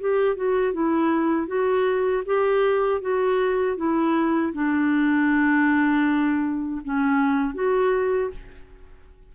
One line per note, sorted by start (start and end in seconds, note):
0.00 0.36 G4
0.36 0.73 F#4
0.73 1.47 E4
1.47 2.23 F#4
2.25 3.01 G4
3.01 3.77 F#4
3.77 4.53 E4
4.53 6.81 D4
6.84 7.54 C#4
7.54 8.30 F#4